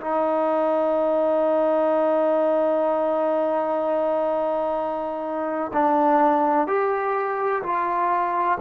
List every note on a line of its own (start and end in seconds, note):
0.00 5.71 D#4
5.73 6.67 D4
6.67 7.62 G4
7.63 8.58 F4